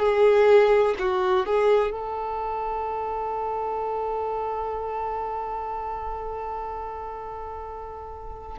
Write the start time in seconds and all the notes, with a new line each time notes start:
0.00 G#4
1.00 F#4
1.46 G#4
1.91 A4